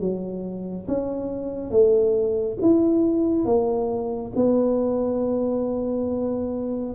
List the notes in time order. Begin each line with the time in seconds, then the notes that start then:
0.00 F#3
0.88 C#4
1.71 A3
2.61 E4
3.45 A#3
4.36 B3